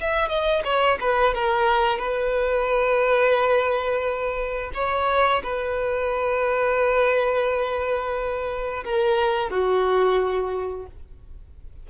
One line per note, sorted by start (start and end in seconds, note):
0.00 0.29 E5
0.29 0.63 D#5
0.64 0.98 C#5
1.00 1.34 B4
1.34 1.98 A#4
1.98 4.71 B4
4.74 5.42 C#5
5.43 8.84 B4
8.84 9.50 A#4
9.50 10.86 F#4